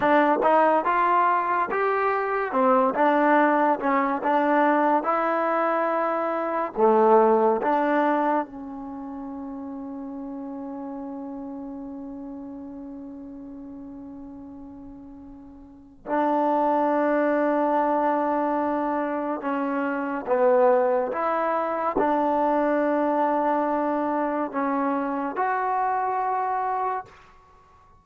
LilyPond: \new Staff \with { instrumentName = "trombone" } { \time 4/4 \tempo 4 = 71 d'8 dis'8 f'4 g'4 c'8 d'8~ | d'8 cis'8 d'4 e'2 | a4 d'4 cis'2~ | cis'1~ |
cis'2. d'4~ | d'2. cis'4 | b4 e'4 d'2~ | d'4 cis'4 fis'2 | }